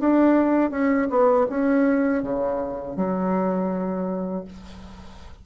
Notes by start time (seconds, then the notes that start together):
0.00 D4
0.71 C#4
1.10 B3
1.50 C#4
2.23 C#3
2.97 F#3